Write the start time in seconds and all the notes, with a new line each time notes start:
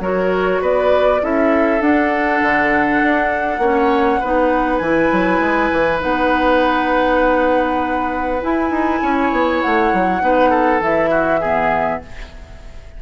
0.00 F#3 F#4 A#4 C#5
0.61 B3 B4 D5
1.21 C#4 E4 A4 E5
1.80 D4 F#5
2.42 D3
3.03 D4
3.58 A#3 C#4 C#5
4.20 B3 D#4 B4
4.78 E3 E4 G#5
5.12 F#3
5.40 G#3
5.72 E3
6.00 B3 D#4 F#5
8.42 E4 G#5
8.70 D#4
9.02 C#4 C#5
9.32 B3
9.62 A3 F#5
9.93 F#3
10.21 B3 D#4 B4
10.50 A4
10.80 E3 E4 E5
11.10 F#4
11.40 B3 G#4